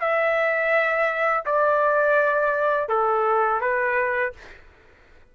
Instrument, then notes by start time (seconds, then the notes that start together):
trumpet
0.00 E5
1.46 D5
2.89 A4
3.61 B4